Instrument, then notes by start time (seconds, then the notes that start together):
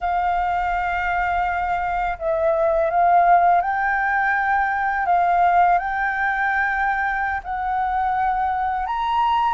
flute
0.00 F5
2.18 E5
2.90 F5
3.61 G5
5.06 F5
5.78 G5
7.43 F#5
8.86 A#5